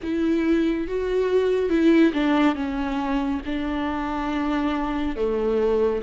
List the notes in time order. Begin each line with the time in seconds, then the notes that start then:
0.02 E4
0.87 F#4
1.69 E4
2.13 D4
2.55 C#4
3.45 D4
5.15 A3